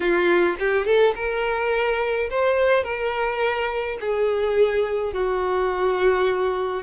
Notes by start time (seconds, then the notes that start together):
0.00 F4
0.59 G4
0.85 A4
1.15 A#4
2.30 C5
2.83 A#4
4.00 G#4
5.13 F#4